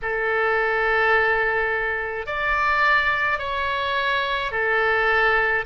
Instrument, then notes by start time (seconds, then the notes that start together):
oboe
0.02 A4
2.26 D5
3.38 C#5
4.51 A4